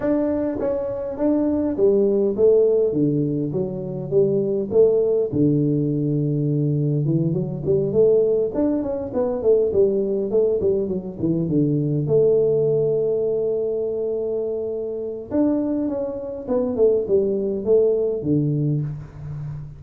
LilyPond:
\new Staff \with { instrumentName = "tuba" } { \time 4/4 \tempo 4 = 102 d'4 cis'4 d'4 g4 | a4 d4 fis4 g4 | a4 d2. | e8 fis8 g8 a4 d'8 cis'8 b8 |
a8 g4 a8 g8 fis8 e8 d8~ | d8 a2.~ a8~ | a2 d'4 cis'4 | b8 a8 g4 a4 d4 | }